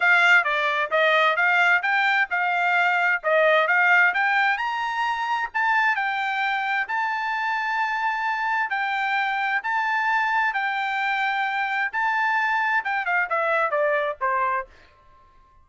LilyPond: \new Staff \with { instrumentName = "trumpet" } { \time 4/4 \tempo 4 = 131 f''4 d''4 dis''4 f''4 | g''4 f''2 dis''4 | f''4 g''4 ais''2 | a''4 g''2 a''4~ |
a''2. g''4~ | g''4 a''2 g''4~ | g''2 a''2 | g''8 f''8 e''4 d''4 c''4 | }